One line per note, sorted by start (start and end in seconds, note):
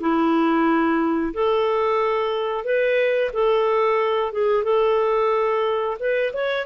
0.00 1.33 E4
1.34 2.64 A4
2.64 3.31 B4
3.33 4.32 A4
4.32 4.64 G#4
4.64 5.97 A4
6.00 6.33 B4
6.33 6.66 C#5